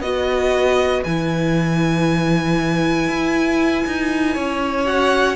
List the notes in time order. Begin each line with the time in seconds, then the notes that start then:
0.00 B3 F#4 B4 D#5
1.04 E3 E4 G#5
3.08 E4
3.86 D#4
4.34 C#4 C#5
4.85 F#4 F#5